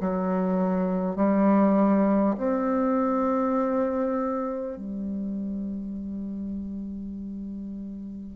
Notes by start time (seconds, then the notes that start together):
0.00 F#3
1.16 G3
2.37 C4
4.76 G3